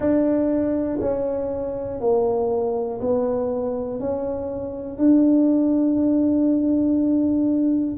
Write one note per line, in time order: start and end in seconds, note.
0.00 0.99 D4
1.00 2.00 C#4
2.00 3.00 A#3
3.00 4.00 B3
4.00 4.98 C#4
4.98 7.97 D4